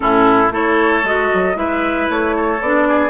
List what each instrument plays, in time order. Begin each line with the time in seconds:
0.00 bassoon A2, clarinet C#4, oboe E4, flute A4
0.51 bassoon A3, clarinet E4, oboe A4, flute C#5
1.03 bassoon G#3, clarinet F#4, flute D#5
1.34 bassoon F#3
1.54 bassoon G#3, clarinet E4, oboe B4, flute E5
2.09 bassoon A3, flute C#5
2.35 oboe A4
2.60 bassoon B3, clarinet D4, flute D5
2.87 oboe G#4